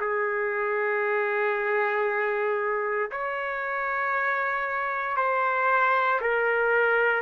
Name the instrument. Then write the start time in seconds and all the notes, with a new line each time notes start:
trumpet
0.00 G#4
3.11 C#5
5.17 C5
6.21 A#4